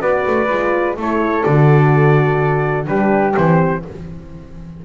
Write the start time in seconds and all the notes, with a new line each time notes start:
0.00 B3 F#4 B4 D5
0.26 A3
0.49 G#3 F4
0.96 A3 E4 A4 C#5
1.43 D3 F#4 D5
2.87 G3 D4 G4 B4
3.35 E3 C4 C5